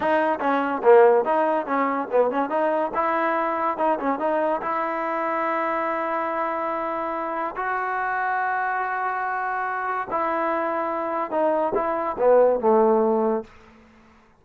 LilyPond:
\new Staff \with { instrumentName = "trombone" } { \time 4/4 \tempo 4 = 143 dis'4 cis'4 ais4 dis'4 | cis'4 b8 cis'8 dis'4 e'4~ | e'4 dis'8 cis'8 dis'4 e'4~ | e'1~ |
e'2 fis'2~ | fis'1 | e'2. dis'4 | e'4 b4 a2 | }